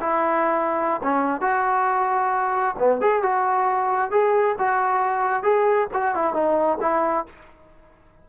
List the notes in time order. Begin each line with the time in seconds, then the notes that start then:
0.00 E4
1.03 C#4
1.41 F#4
2.79 B3
3.01 G#4
3.23 F#4
4.11 G#4
4.58 F#4
5.43 G#4
5.93 F#4
6.15 E4
6.34 D#4
6.81 E4